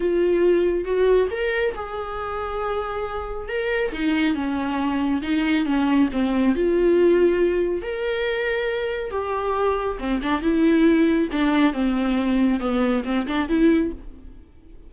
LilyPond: \new Staff \with { instrumentName = "viola" } { \time 4/4 \tempo 4 = 138 f'2 fis'4 ais'4 | gis'1 | ais'4 dis'4 cis'2 | dis'4 cis'4 c'4 f'4~ |
f'2 ais'2~ | ais'4 g'2 c'8 d'8 | e'2 d'4 c'4~ | c'4 b4 c'8 d'8 e'4 | }